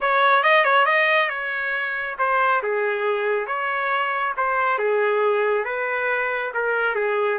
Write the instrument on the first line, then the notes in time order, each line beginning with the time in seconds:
trumpet
0.00 C#5
0.43 D#5
0.64 C#5
0.85 D#5
1.29 C#5
2.18 C5
2.62 G#4
3.46 C#5
4.36 C5
4.78 G#4
5.65 B4
6.54 A#4
6.95 G#4